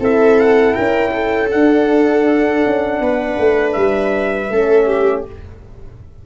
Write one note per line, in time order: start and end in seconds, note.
0.00 0.75 C4
0.00 1.50 E4
0.00 0.75 A4
0.00 0.40 E5
0.40 0.74 F#5
0.74 1.53 C#4
0.74 1.12 A#4
0.74 1.49 G5
1.14 3.01 A4
1.51 4.51 D4
1.51 2.65 D4
1.51 3.73 F#5
2.67 3.00 C#4
3.00 3.38 B3
3.00 4.53 B4
3.38 3.75 A3
3.73 4.50 G3
3.73 5.23 E5
4.50 5.25 A3
4.50 5.26 C#4
4.50 4.86 A4
4.86 5.24 G4